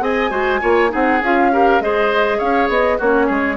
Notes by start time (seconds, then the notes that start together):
0.00 C4 G#4 D#5 G#5
0.30 G#3 F#4 C5
0.60 A#3 F4 C#5
0.89 C4 D#4 G#4 F#5
1.21 C#4 F4 F5
1.52 G4 A#4
1.80 G#3 G#4 C5 D#5
2.38 C#4 C#5 F5
2.68 B3 D#5
2.98 A#3 C#4 F#4 C#5
3.26 G#3 G#4